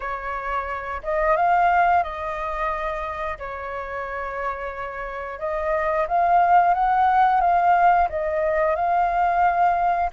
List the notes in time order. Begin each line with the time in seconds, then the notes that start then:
0.00 C#5
1.03 D#5
1.36 F5
2.03 D#5
3.38 C#5
5.39 D#5
6.07 F5
6.74 F#5
7.40 F5
8.09 D#5
8.75 F5